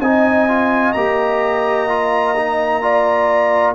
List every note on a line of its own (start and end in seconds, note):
0.00 0.94 C4
0.00 0.48 D#4
0.00 2.83 D#5
0.00 0.93 G#5
0.48 0.95 F4
0.93 3.75 A#3
0.93 1.89 G4
0.93 3.74 A#5
1.89 2.36 F4
2.37 2.82 D#4
2.82 3.75 F4
2.82 3.75 D5